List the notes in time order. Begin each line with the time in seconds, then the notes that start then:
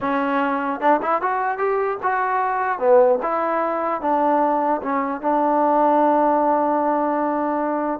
0.00 C#4
0.80 D4
1.01 E4
1.21 F#4
1.58 G4
2.02 F#4
2.79 B3
3.22 E4
4.01 D4
4.81 C#4
5.21 D4